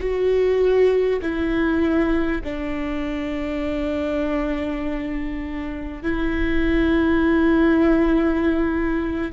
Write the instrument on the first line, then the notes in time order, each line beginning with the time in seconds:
viola
0.00 F#4
1.22 E4
2.44 D4
6.03 E4